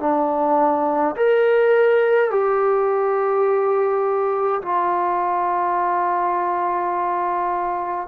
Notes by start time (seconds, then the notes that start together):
0.00 D4
1.16 A#4
2.31 G4
4.62 F4